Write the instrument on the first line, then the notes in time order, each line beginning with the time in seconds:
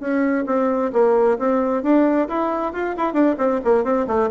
bassoon
0.00 C#4
0.46 C4
0.93 A#3
1.39 C4
1.83 D4
2.28 E4
2.73 F4
2.97 E4
3.13 D4
3.38 C4
3.64 A#3
3.84 C4
4.07 A3